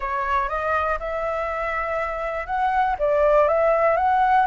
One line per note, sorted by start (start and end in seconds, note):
0.00 0.48 C#5
0.48 0.98 D#5
0.99 2.46 E5
2.46 2.95 F#5
2.99 3.48 D5
3.48 3.97 E5
3.97 4.46 F#5